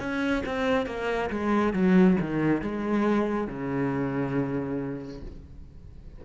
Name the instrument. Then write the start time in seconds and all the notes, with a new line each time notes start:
cello
0.00 C#4
0.46 C4
0.87 A#3
1.30 G#3
1.74 F#3
2.21 D#3
2.62 G#3
3.47 C#3